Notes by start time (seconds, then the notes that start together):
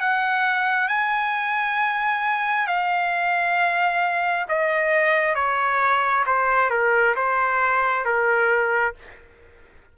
0.00 F#5
0.88 G#5
2.67 F5
4.49 D#5
5.35 C#5
6.26 C5
6.70 A#4
7.16 C5
8.05 A#4